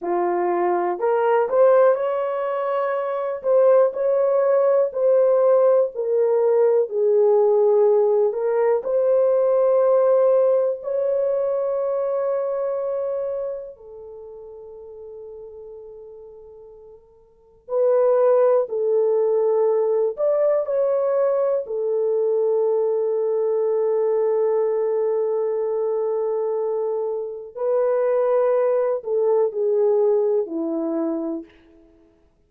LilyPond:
\new Staff \with { instrumentName = "horn" } { \time 4/4 \tempo 4 = 61 f'4 ais'8 c''8 cis''4. c''8 | cis''4 c''4 ais'4 gis'4~ | gis'8 ais'8 c''2 cis''4~ | cis''2 a'2~ |
a'2 b'4 a'4~ | a'8 d''8 cis''4 a'2~ | a'1 | b'4. a'8 gis'4 e'4 | }